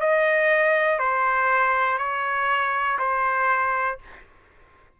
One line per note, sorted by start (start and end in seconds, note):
0.00 0.99 D#5
0.99 1.98 C5
1.98 2.98 C#5
2.98 3.98 C5